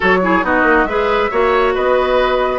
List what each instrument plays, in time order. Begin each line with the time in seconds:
0.00 bassoon F#3, clarinet F#4, oboe A4, flute C#5
0.22 clarinet E4, oboe G#4
0.42 bassoon B3, clarinet D#4, oboe F#4, flute D#5
0.63 bassoon A#3
0.84 bassoon G#3, clarinet G#4, oboe B4, flute E5
1.30 bassoon A#3, clarinet F#4, oboe C#5
1.74 bassoon B3, oboe B4, flute D#5